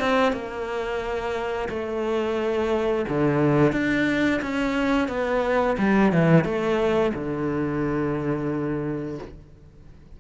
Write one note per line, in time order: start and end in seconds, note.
0.00 0.33 C4
0.33 1.69 A#3
1.69 3.06 A3
3.08 3.72 D3
3.72 4.40 D4
4.42 5.08 C#4
5.08 5.76 B3
5.78 6.12 G3
6.12 6.45 E3
6.45 7.13 A3
7.14 9.19 D3